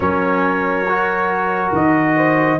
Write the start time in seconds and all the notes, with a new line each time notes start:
0.00 F#3 C#4 A#4 C#5
0.88 F#4
1.72 D#3 D#5
2.16 C5